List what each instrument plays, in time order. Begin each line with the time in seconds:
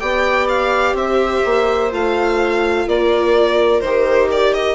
0.00 bassoon B3, viola G4 D5, violin G5
0.49 violin F5
0.94 bassoon C4, viola C5, violin E5
1.45 bassoon A#3
1.92 bassoon A3, viola F4, violin F5
2.88 bassoon A#3, viola A#4, violin D5
3.81 bassoon D#3, viola G4, violin C5
4.32 violin D5
4.54 violin D#5